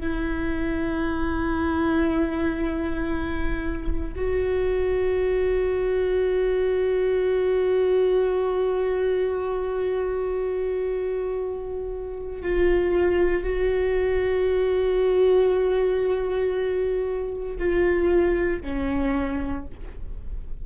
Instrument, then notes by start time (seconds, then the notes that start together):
viola
0.00 E4
4.16 F#4
12.42 F4
13.42 F#4
17.59 F4
18.62 C#4